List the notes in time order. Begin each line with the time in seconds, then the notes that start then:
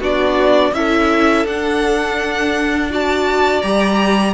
0.00 B3 D4 F#4 D5
0.73 C#4 E4 A4 E5
1.45 D4 F#5
2.90 F#4 D5 A5
3.62 G3 G4 A#5